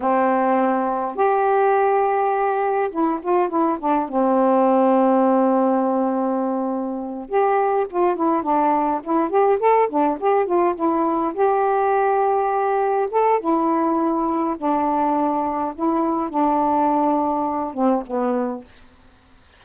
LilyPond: \new Staff \with { instrumentName = "saxophone" } { \time 4/4 \tempo 4 = 103 c'2 g'2~ | g'4 e'8 f'8 e'8 d'8 c'4~ | c'1~ | c'8 g'4 f'8 e'8 d'4 e'8 |
g'8 a'8 d'8 g'8 f'8 e'4 g'8~ | g'2~ g'8 a'8 e'4~ | e'4 d'2 e'4 | d'2~ d'8 c'8 b4 | }